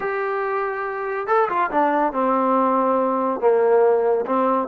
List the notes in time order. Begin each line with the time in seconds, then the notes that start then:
0.00 G4
1.27 A4
1.49 F4
1.70 D4
2.12 C4
3.40 A#3
4.26 C4